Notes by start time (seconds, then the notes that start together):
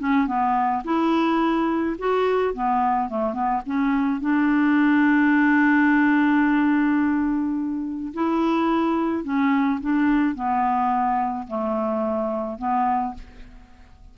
0.00 C#4
0.28 B3
0.85 E4
1.99 F#4
2.54 B3
3.09 A3
3.34 B3
3.66 C#4
4.21 D4
8.14 E4
9.24 C#4
9.81 D4
10.35 B3
11.48 A3
12.59 B3